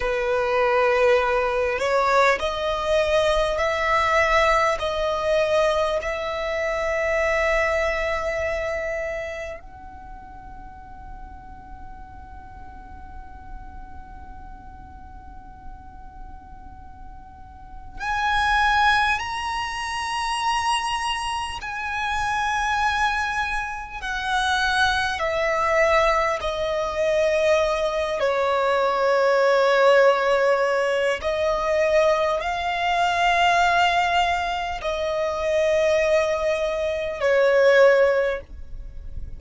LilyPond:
\new Staff \with { instrumentName = "violin" } { \time 4/4 \tempo 4 = 50 b'4. cis''8 dis''4 e''4 | dis''4 e''2. | fis''1~ | fis''2. gis''4 |
ais''2 gis''2 | fis''4 e''4 dis''4. cis''8~ | cis''2 dis''4 f''4~ | f''4 dis''2 cis''4 | }